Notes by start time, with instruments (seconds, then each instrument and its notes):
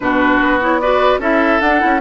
0.00 bassoon B2, clarinet D4, oboe F#4, flute B4
0.40 bassoon B3
0.61 clarinet E4, flute C#5
0.80 clarinet F#4, oboe B4, flute D5
1.19 bassoon C#4, clarinet E4, oboe A4, flute E5
1.60 bassoon D4, clarinet D4, flute F#5
1.79 bassoon C#4, clarinet E4